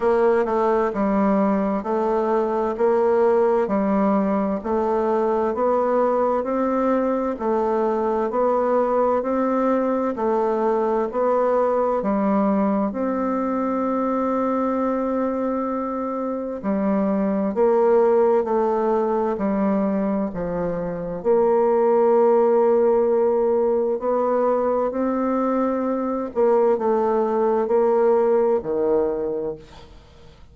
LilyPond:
\new Staff \with { instrumentName = "bassoon" } { \time 4/4 \tempo 4 = 65 ais8 a8 g4 a4 ais4 | g4 a4 b4 c'4 | a4 b4 c'4 a4 | b4 g4 c'2~ |
c'2 g4 ais4 | a4 g4 f4 ais4~ | ais2 b4 c'4~ | c'8 ais8 a4 ais4 dis4 | }